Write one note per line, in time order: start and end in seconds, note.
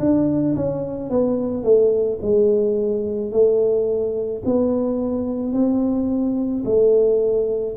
0.00 0.56 D4
0.56 1.11 C#4
1.11 1.64 B3
1.64 2.19 A3
2.22 3.32 G#3
3.32 4.43 A3
4.45 5.53 B3
5.53 6.64 C4
6.66 7.77 A3